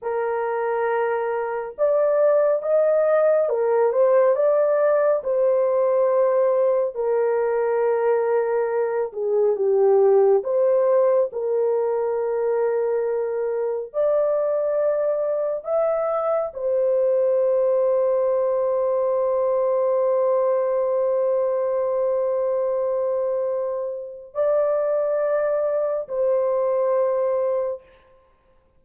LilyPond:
\new Staff \with { instrumentName = "horn" } { \time 4/4 \tempo 4 = 69 ais'2 d''4 dis''4 | ais'8 c''8 d''4 c''2 | ais'2~ ais'8 gis'8 g'4 | c''4 ais'2. |
d''2 e''4 c''4~ | c''1~ | c''1 | d''2 c''2 | }